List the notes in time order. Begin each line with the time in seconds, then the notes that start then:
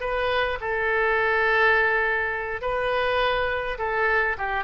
0.00 B4
0.61 A4
2.61 B4
3.78 A4
4.38 G4